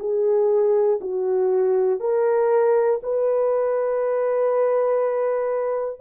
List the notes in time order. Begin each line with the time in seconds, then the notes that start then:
0.00 G#4
1.01 F#4
2.01 A#4
3.04 B4